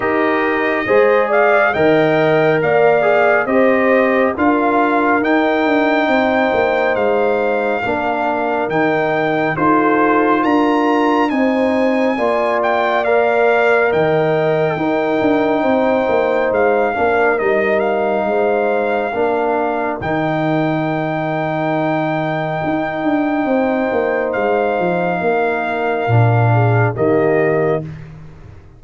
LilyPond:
<<
  \new Staff \with { instrumentName = "trumpet" } { \time 4/4 \tempo 4 = 69 dis''4. f''8 g''4 f''4 | dis''4 f''4 g''2 | f''2 g''4 c''4 | ais''4 gis''4. g''8 f''4 |
g''2. f''4 | dis''8 f''2~ f''8 g''4~ | g''1 | f''2. dis''4 | }
  \new Staff \with { instrumentName = "horn" } { \time 4/4 ais'4 c''8 d''8 dis''4 d''4 | c''4 ais'2 c''4~ | c''4 ais'2 a'4 | ais'4 c''4 d''2 |
dis''4 ais'4 c''4. ais'8~ | ais'4 c''4 ais'2~ | ais'2. c''4~ | c''4 ais'4. gis'8 g'4 | }
  \new Staff \with { instrumentName = "trombone" } { \time 4/4 g'4 gis'4 ais'4. gis'8 | g'4 f'4 dis'2~ | dis'4 d'4 dis'4 f'4~ | f'4 dis'4 f'4 ais'4~ |
ais'4 dis'2~ dis'8 d'8 | dis'2 d'4 dis'4~ | dis'1~ | dis'2 d'4 ais4 | }
  \new Staff \with { instrumentName = "tuba" } { \time 4/4 dis'4 gis4 dis4 ais4 | c'4 d'4 dis'8 d'8 c'8 ais8 | gis4 ais4 dis4 dis'4 | d'4 c'4 ais2 |
dis4 dis'8 d'8 c'8 ais8 gis8 ais8 | g4 gis4 ais4 dis4~ | dis2 dis'8 d'8 c'8 ais8 | gis8 f8 ais4 ais,4 dis4 | }
>>